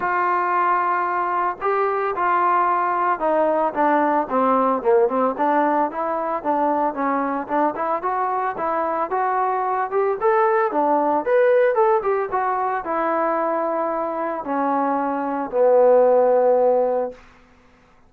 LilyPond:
\new Staff \with { instrumentName = "trombone" } { \time 4/4 \tempo 4 = 112 f'2. g'4 | f'2 dis'4 d'4 | c'4 ais8 c'8 d'4 e'4 | d'4 cis'4 d'8 e'8 fis'4 |
e'4 fis'4. g'8 a'4 | d'4 b'4 a'8 g'8 fis'4 | e'2. cis'4~ | cis'4 b2. | }